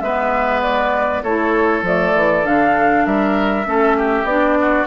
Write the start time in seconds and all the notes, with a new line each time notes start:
0.00 G#3 B3 B4 E5
0.61 D5
1.23 A3 E4 A4 C#5
1.82 F3 A3 D5
2.15 E3
2.44 D3 D4 F5
3.06 G3 A#4 E5
3.65 A3 C#4 A4
3.97 G4
4.23 B3 D4 D5
4.60 F#4